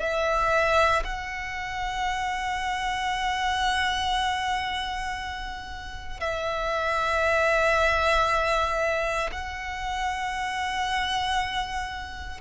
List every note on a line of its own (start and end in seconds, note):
0.00 1.03 E5
1.04 6.20 F#5
6.20 9.31 E5
9.32 12.41 F#5